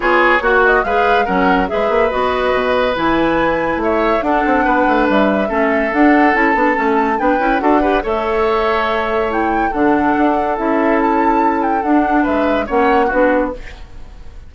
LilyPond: <<
  \new Staff \with { instrumentName = "flute" } { \time 4/4 \tempo 4 = 142 cis''4. dis''8 f''4 fis''4 | e''4 dis''2 gis''4~ | gis''4 e''4 fis''2 | e''2 fis''4 a''4~ |
a''4 g''4 fis''4 e''4~ | e''2 g''4 fis''4~ | fis''4 e''4 a''4. g''8 | fis''4 e''4 fis''4 b'4 | }
  \new Staff \with { instrumentName = "oboe" } { \time 4/4 gis'4 fis'4 b'4 ais'4 | b'1~ | b'4 cis''4 a'4 b'4~ | b'4 a'2.~ |
a'4 b'4 a'8 b'8 cis''4~ | cis''2. a'4~ | a'1~ | a'4 b'4 cis''4 fis'4 | }
  \new Staff \with { instrumentName = "clarinet" } { \time 4/4 f'4 fis'4 gis'4 cis'4 | gis'4 fis'2 e'4~ | e'2 d'2~ | d'4 cis'4 d'4 e'8 d'8 |
cis'4 d'8 e'8 fis'8 g'8 a'4~ | a'2 e'4 d'4~ | d'4 e'2. | d'2 cis'4 d'4 | }
  \new Staff \with { instrumentName = "bassoon" } { \time 4/4 b4 ais4 gis4 fis4 | gis8 ais8 b4 b,4 e4~ | e4 a4 d'8 c'8 b8 a8 | g4 a4 d'4 cis'8 b8 |
a4 b8 cis'8 d'4 a4~ | a2. d4 | d'4 cis'2. | d'4 gis4 ais4 b4 | }
>>